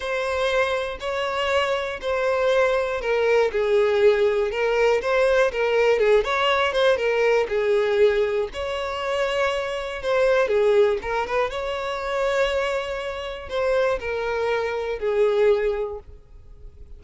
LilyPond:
\new Staff \with { instrumentName = "violin" } { \time 4/4 \tempo 4 = 120 c''2 cis''2 | c''2 ais'4 gis'4~ | gis'4 ais'4 c''4 ais'4 | gis'8 cis''4 c''8 ais'4 gis'4~ |
gis'4 cis''2. | c''4 gis'4 ais'8 b'8 cis''4~ | cis''2. c''4 | ais'2 gis'2 | }